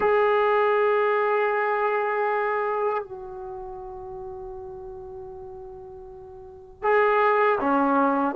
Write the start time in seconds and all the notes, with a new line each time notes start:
0.00 G#4
3.03 F#4
6.83 G#4
7.60 C#4